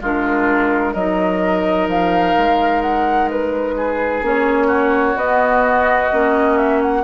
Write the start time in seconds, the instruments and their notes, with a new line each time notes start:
0.00 bassoon G#3, clarinet D4, oboe F4, flute A#4
0.93 bassoon F#3, clarinet D#4, oboe A#4, flute D#5
1.87 bassoon F3, flute F5
2.38 bassoon G#3
2.82 flute F#5
3.30 flute B4
3.76 oboe G#4
4.22 bassoon A#3, clarinet C#4, flute C#5
4.67 oboe F#4
5.15 bassoon B3, clarinet B3, flute D#5
6.12 bassoon A#3, clarinet C#4
6.57 flute E5
6.82 flute F#5